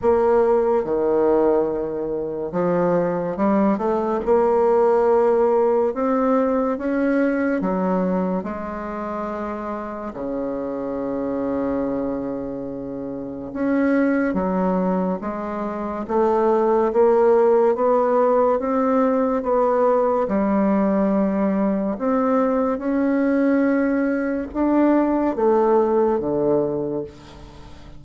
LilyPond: \new Staff \with { instrumentName = "bassoon" } { \time 4/4 \tempo 4 = 71 ais4 dis2 f4 | g8 a8 ais2 c'4 | cis'4 fis4 gis2 | cis1 |
cis'4 fis4 gis4 a4 | ais4 b4 c'4 b4 | g2 c'4 cis'4~ | cis'4 d'4 a4 d4 | }